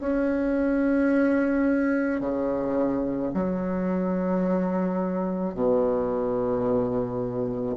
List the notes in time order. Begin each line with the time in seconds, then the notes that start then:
0.00 C#4
2.20 C#3
3.33 F#3
5.54 B2